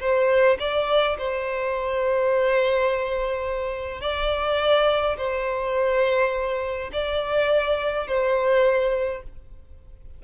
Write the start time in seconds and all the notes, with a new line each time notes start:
0.00 C5
0.59 D5
1.18 C5
4.01 D5
5.17 C5
6.93 D5
8.07 C5